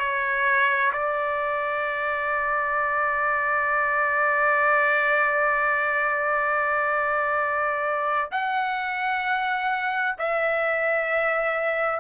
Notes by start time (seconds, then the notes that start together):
0.00 C#5
0.93 D5
8.32 F#5
10.19 E5